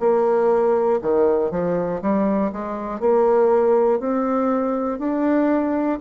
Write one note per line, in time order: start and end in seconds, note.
0.00 1.00 A#3
1.02 1.51 D#3
1.51 2.01 F3
2.02 2.52 G3
2.53 3.01 G#3
3.01 4.00 A#3
4.00 5.00 C4
5.00 6.00 D4